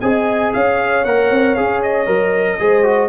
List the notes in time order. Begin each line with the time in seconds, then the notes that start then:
0.00 C4 G#4 D#5 G#5
0.53 C#4 C#5 F5
1.04 A#3 A#4 F#5
1.30 C4
1.54 C#4 G#4 F5
1.82 D#5
2.06 F#3 A#4
2.59 G#3 G#4 C5
2.83 F#4